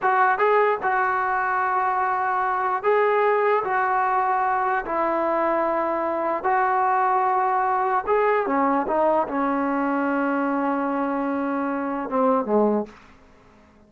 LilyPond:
\new Staff \with { instrumentName = "trombone" } { \time 4/4 \tempo 4 = 149 fis'4 gis'4 fis'2~ | fis'2. gis'4~ | gis'4 fis'2. | e'1 |
fis'1 | gis'4 cis'4 dis'4 cis'4~ | cis'1~ | cis'2 c'4 gis4 | }